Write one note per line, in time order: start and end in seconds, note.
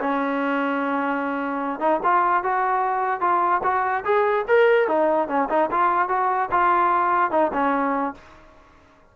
0.00 1.79 C#4
1.79 2.00 D#4
2.03 2.43 F4
2.43 3.20 F#4
3.20 3.61 F4
3.63 4.04 F#4
4.04 4.45 G#4
4.47 4.88 A#4
4.88 5.28 D#4
5.28 5.48 C#4
5.49 5.70 D#4
5.71 6.08 F4
6.08 6.49 F#4
6.50 7.30 F4
7.30 7.51 D#4
7.53 8.14 C#4